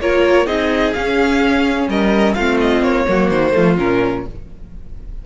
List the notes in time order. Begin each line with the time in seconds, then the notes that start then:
0.00 A#3 F4 A#4 C#5
0.47 C4 D#4 G#4 D#5
0.94 C#4 F5
1.88 G3 A#4 D#5
2.34 A3 C4 F4 F5
2.61 D#5
2.82 A#3 C#5
3.07 F#3 A#3 F#4
3.30 D#3 C5
3.54 F3 A3 F4
3.79 A#2 C#4 A#4